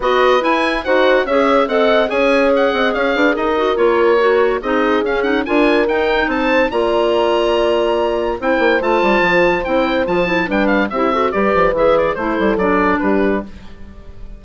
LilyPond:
<<
  \new Staff \with { instrumentName = "oboe" } { \time 4/4 \tempo 4 = 143 dis''4 gis''4 fis''4 e''4 | fis''4 gis''4 fis''4 f''4 | dis''4 cis''2 dis''4 | f''8 fis''8 gis''4 g''4 a''4 |
ais''1 | g''4 a''2 g''4 | a''4 g''8 f''8 e''4 d''4 | e''8 d''8 c''4 d''4 b'4 | }
  \new Staff \with { instrumentName = "horn" } { \time 4/4 b'2 c''4 cis''4 | dis''4 cis''4. dis''8 cis''8 b'8 | ais'2. gis'4~ | gis'4 ais'2 c''4 |
d''1 | c''1~ | c''4 b'4 g'8 a'8 b'4~ | b'4 a'2 g'4 | }
  \new Staff \with { instrumentName = "clarinet" } { \time 4/4 fis'4 e'4 fis'4 gis'4 | a'4 gis'2.~ | gis'8 fis'8 f'4 fis'4 dis'4 | cis'8 dis'8 f'4 dis'2 |
f'1 | e'4 f'2 e'4 | f'8 e'8 d'4 e'8 fis'8 g'4 | gis'4 e'4 d'2 | }
  \new Staff \with { instrumentName = "bassoon" } { \time 4/4 b4 e'4 dis'4 cis'4 | c'4 cis'4. c'8 cis'8 d'8 | dis'4 ais2 c'4 | cis'4 d'4 dis'4 c'4 |
ais1 | c'8 ais8 a8 g8 f4 c'4 | f4 g4 c'4 g8 f8 | e4 a8 g8 fis4 g4 | }
>>